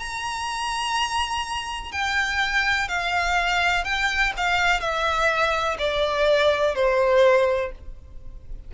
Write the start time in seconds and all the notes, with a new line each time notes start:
0.00 A#5
1.92 G5
2.89 F5
3.84 G5
4.37 F5
4.80 E5
5.79 D5
6.76 C5